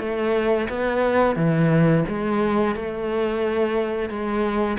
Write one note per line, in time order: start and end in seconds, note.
0.00 0.68 A3
0.69 1.36 B3
1.36 2.05 E3
2.09 2.76 G#3
2.76 4.10 A3
4.10 4.78 G#3